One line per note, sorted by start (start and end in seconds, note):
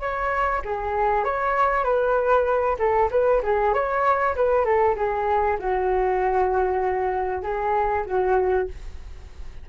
0.00 0.62 C#5
0.65 1.24 G#4
1.24 1.84 C#5
1.84 2.77 B4
2.79 3.10 A4
3.11 3.42 B4
3.43 3.73 G#4
3.73 4.35 C#5
4.35 4.65 B4
4.65 4.96 A4
4.96 5.58 G#4
5.59 7.43 F#4
7.43 8.05 G#4
8.06 8.68 F#4